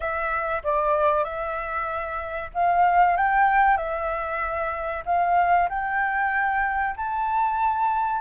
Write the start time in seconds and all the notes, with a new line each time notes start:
0.00 E5
0.63 D5
1.23 E5
2.53 F5
3.16 G5
3.77 E5
5.05 F5
5.69 G5
6.96 A5